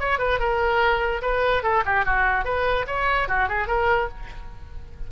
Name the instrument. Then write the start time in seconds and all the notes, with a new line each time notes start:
oboe
0.00 C#5
0.19 B4
0.39 A#4
1.22 B4
1.63 A4
1.85 G4
2.05 F#4
2.45 B4
2.87 C#5
3.28 F#4
3.49 G#4
3.68 A#4